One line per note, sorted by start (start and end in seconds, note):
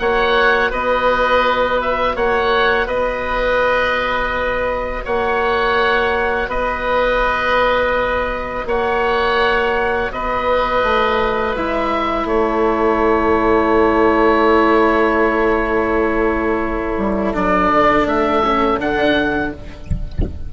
0.00 0.72 A#3
0.00 11.57 F#4
0.00 0.70 C#5
0.00 0.72 F#5
0.70 2.16 B3
0.70 2.15 B4
0.70 1.81 D#5
1.81 2.17 E5
2.16 2.87 A#3
2.16 2.87 C#5
2.16 2.88 F#5
2.87 5.04 B3
2.87 5.03 B4
2.87 5.05 D#5
5.05 6.48 A#3
5.05 6.49 C#5
5.05 6.51 F#5
6.48 8.65 B3
6.48 8.66 B4
6.48 8.68 D#5
8.66 10.10 A#3
8.66 10.12 C#5
8.66 10.13 F#5
10.12 10.83 B3
10.12 12.26 B4
10.12 11.56 D#5
10.83 11.56 A3
11.56 12.25 G#3
11.56 17.34 E4
11.56 12.28 E5
12.25 16.95 A3
12.25 19.49 A4
12.25 17.34 C#5
16.98 17.34 G3
17.34 17.72 F#3
17.34 18.43 D4
17.34 18.08 D5
17.72 18.06 D3
18.06 18.78 A3
18.06 18.80 E5
18.45 18.80 C#4
18.80 19.53 D3
18.80 19.52 D4
18.80 19.53 F#5